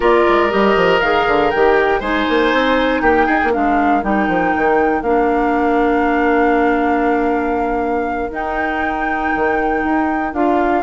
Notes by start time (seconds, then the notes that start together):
0.00 A#3 F4 A#4 D5
0.28 G#3
0.49 G3 G4 D#5
0.75 F3
1.01 D#3 G#4 F5
1.27 D3
1.50 D#3 G4 G5
2.00 G#3 D#4 C5 G#5
2.28 A#3
2.53 C4
3.01 A#3 G4 G5
3.25 D#4 G#4
3.43 A#3
3.51 G#3 D4 A#4 F5
4.02 G3 D#4 G5
4.28 F3
4.56 D#3
5.02 A#3 D4 F5
8.30 D#4 G5
9.35 D#3
9.83 D#4
10.33 D4 F4 F5